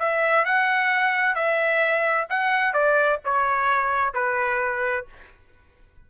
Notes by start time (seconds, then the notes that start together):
0.00 E5
0.45 F#5
1.35 E5
2.30 F#5
2.74 D5
3.25 C#5
4.14 B4